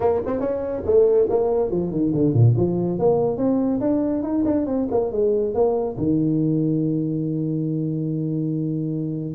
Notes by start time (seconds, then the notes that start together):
0.00 A#3
0.26 C4
0.40 C#4
0.85 A3
1.29 A#3
1.70 F3
1.91 D#3
2.14 D3
2.33 A#2
2.56 F3
2.98 A#3
3.37 C4
3.80 D4
4.22 D#4
4.45 D4
4.66 C4
4.91 A#3
5.11 G#3
5.53 A#3
5.97 D#3